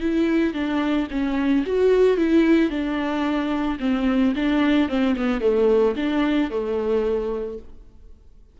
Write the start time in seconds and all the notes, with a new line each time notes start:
0.00 E4
0.53 D4
1.11 C#4
1.66 F#4
2.17 E4
2.70 D4
3.79 C4
4.35 D4
4.88 C4
5.16 B3
5.40 A3
5.96 D4
6.50 A3